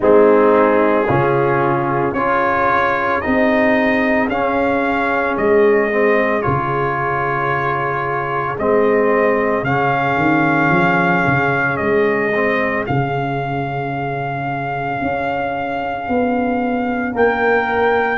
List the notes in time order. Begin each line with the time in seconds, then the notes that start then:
0.00 G#3 C4 D#4 G#4
1.07 C#3 C#4 F4
2.12 C#4 F4 G#4 C#5
3.21 C4 D#4 D#5
4.28 C#4 F5
5.37 G#3 D#5
5.91 C4
6.41 C#3 F4 C#5
8.58 G#3 C4 D#5
9.63 C#3 C#4 F5
10.16 D#3
10.69 F3
11.26 C#3
11.77 G#3 D#5
12.34 C4
12.86 C#3 C#4 F5
15.01 C#4
16.08 B3
17.12 A#3 A#4 G5